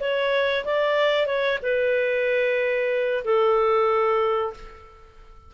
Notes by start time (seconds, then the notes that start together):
0.00 C#5
0.65 D5
1.26 C#5
1.62 B4
3.25 A4